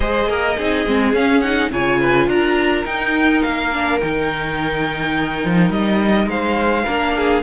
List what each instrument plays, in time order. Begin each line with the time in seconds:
0.00 cello G#3, viola G#4, violin C5 D#5
0.27 cello A#3, violin A#4
0.57 cello C4, viola D#4, violin G#4
0.86 cello G#3, viola C4
1.13 cello C#4, viola C#4, violin F5
1.41 viola D#4, violin F#5
1.70 cello C#3, viola F4, violin C#5 G#5
1.99 violin B4
2.27 cello D4, violin A#4 A#5
2.85 viola D#4, cello D#4, violin G5
3.42 cello A#3, violin F5
3.72 viola D4
4.00 cello D#3, viola D#4, violin G5
5.44 cello F3
5.69 cello G3, violin D#5
6.26 cello G#3, violin C5 F5
6.84 cello A#3, viola D4, violin A#4
7.15 violin G#4